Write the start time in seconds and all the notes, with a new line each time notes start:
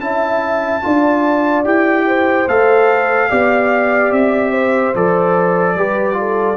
0.00 C#4 E4 E5 A5
0.83 D4 F4 D5
1.65 E4 G4 G5
2.07 C5
2.48 A3 A4 F5
3.30 B3 G4 D5
4.12 C4 E5
4.52 C5
4.95 F3 A4 D5
5.76 G3 G4 B4
6.13 F4 A4